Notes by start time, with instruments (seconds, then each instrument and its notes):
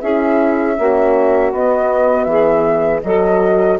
0.00 bassoon C#4, horn E4, saxophone G#4, flute E5
0.77 bassoon A#3, horn C#4, saxophone F#4
1.52 bassoon B3, horn B3, flute D#5
2.24 bassoon E3, saxophone G#4, flute E5
3.02 bassoon F#3, horn F#4, saxophone A4, flute D#5